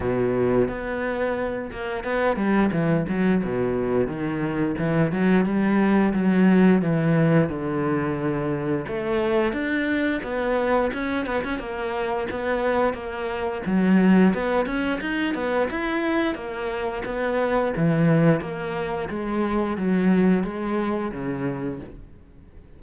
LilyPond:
\new Staff \with { instrumentName = "cello" } { \time 4/4 \tempo 4 = 88 b,4 b4. ais8 b8 g8 | e8 fis8 b,4 dis4 e8 fis8 | g4 fis4 e4 d4~ | d4 a4 d'4 b4 |
cis'8 b16 cis'16 ais4 b4 ais4 | fis4 b8 cis'8 dis'8 b8 e'4 | ais4 b4 e4 ais4 | gis4 fis4 gis4 cis4 | }